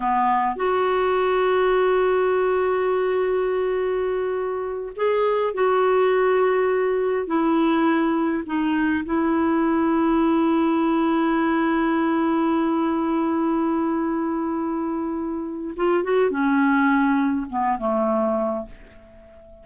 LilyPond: \new Staff \with { instrumentName = "clarinet" } { \time 4/4 \tempo 4 = 103 b4 fis'2.~ | fis'1~ | fis'8 gis'4 fis'2~ fis'8~ | fis'8 e'2 dis'4 e'8~ |
e'1~ | e'1~ | e'2. f'8 fis'8 | cis'2 b8 a4. | }